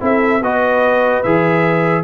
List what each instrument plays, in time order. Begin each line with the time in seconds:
0.00 tuba C4, trombone E4, horn A4, trumpet E5
0.41 tuba B3, trombone F#4, horn B4, trumpet D#5
1.23 tuba E3, trombone G#4, trumpet E5